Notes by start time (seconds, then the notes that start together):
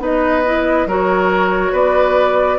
0.00 B3 D#4 B4 D#5
0.46 E4
0.86 F#3 F#4 A#4 C#5
1.73 B3 B4 D5